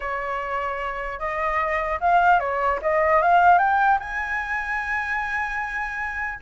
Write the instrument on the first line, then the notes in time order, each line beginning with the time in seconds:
flute
0.00 C#5
1.19 D#5
2.00 F5
2.39 C#5
2.81 D#5
3.22 F5
3.58 G5
3.99 G#5